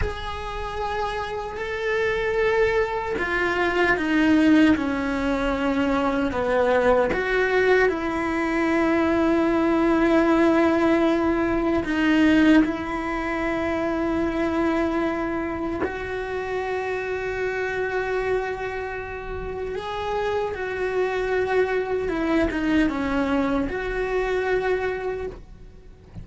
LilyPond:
\new Staff \with { instrumentName = "cello" } { \time 4/4 \tempo 4 = 76 gis'2 a'2 | f'4 dis'4 cis'2 | b4 fis'4 e'2~ | e'2. dis'4 |
e'1 | fis'1~ | fis'4 gis'4 fis'2 | e'8 dis'8 cis'4 fis'2 | }